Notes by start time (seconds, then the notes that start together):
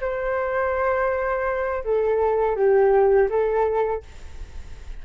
0.00 C5
1.84 A4
2.55 G4
3.29 A4